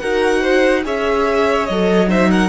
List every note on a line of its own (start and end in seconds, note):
0.00 0.86 D#4
0.00 0.84 F#4
0.00 0.42 A#4
0.00 0.83 F#5
0.42 0.84 C5
0.84 1.69 C#4
0.84 1.67 G#4
0.84 2.09 C#5
0.84 1.66 E5
1.66 2.50 F#3
1.66 2.08 A4
1.66 2.08 D#5
2.08 2.50 D#4
2.08 2.30 C5
2.08 2.32 E5
2.31 2.50 A#4
2.31 2.50 F#5